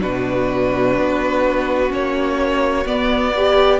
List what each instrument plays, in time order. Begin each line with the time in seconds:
0.00 cello B2, viola D4, violin F#4 B4
0.97 cello B3
1.88 cello A#3, viola C#4, violin C#5
2.85 cello B3, viola B3, violin D5
3.35 viola G4, violin B4